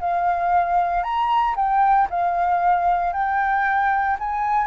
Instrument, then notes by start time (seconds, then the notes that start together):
flute
0.00 F5
1.03 A#5
1.56 G5
2.10 F5
3.13 G5
4.19 G#5